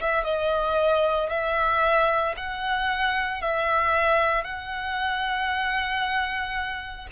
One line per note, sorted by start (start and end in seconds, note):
0.00 0.24 E5
0.24 1.29 D#5
1.29 2.34 E5
2.36 3.41 F#5
3.41 4.44 E5
4.44 7.07 F#5